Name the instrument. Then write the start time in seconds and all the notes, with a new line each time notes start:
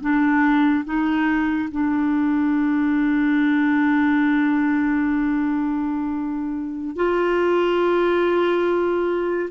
clarinet
0.00 D4
0.84 D#4
1.71 D4
6.95 F4